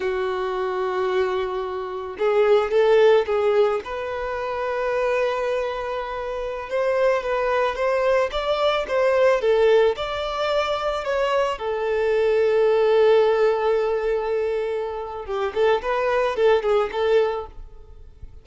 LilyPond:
\new Staff \with { instrumentName = "violin" } { \time 4/4 \tempo 4 = 110 fis'1 | gis'4 a'4 gis'4 b'4~ | b'1~ | b'16 c''4 b'4 c''4 d''8.~ |
d''16 c''4 a'4 d''4.~ d''16~ | d''16 cis''4 a'2~ a'8.~ | a'1 | g'8 a'8 b'4 a'8 gis'8 a'4 | }